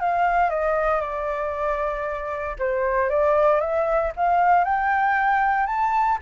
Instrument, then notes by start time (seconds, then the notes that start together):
flute
0.00 F5
0.50 D#5
1.01 D5
2.59 C5
3.09 D5
3.60 E5
4.16 F5
4.64 G5
5.67 A5